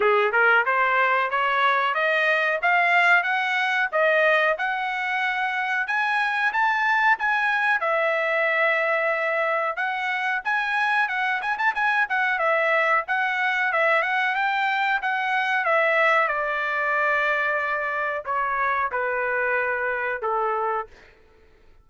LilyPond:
\new Staff \with { instrumentName = "trumpet" } { \time 4/4 \tempo 4 = 92 gis'8 ais'8 c''4 cis''4 dis''4 | f''4 fis''4 dis''4 fis''4~ | fis''4 gis''4 a''4 gis''4 | e''2. fis''4 |
gis''4 fis''8 gis''16 a''16 gis''8 fis''8 e''4 | fis''4 e''8 fis''8 g''4 fis''4 | e''4 d''2. | cis''4 b'2 a'4 | }